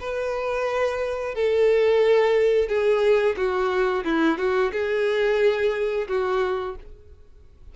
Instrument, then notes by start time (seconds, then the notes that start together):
violin
0.00 B4
1.35 A4
2.68 G#4
3.37 F#4
4.04 E4
4.38 F#4
4.73 G#4
6.08 F#4